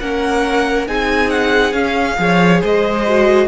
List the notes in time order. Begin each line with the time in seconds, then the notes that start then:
0.00 A#3 C#4 A#4 F#5
0.87 C4 D#4 G#4 G#5
1.30 F#5
1.73 C#4 F5
2.17 F3 G#4 C#5
2.61 G#3 C5 D#5
3.07 F#4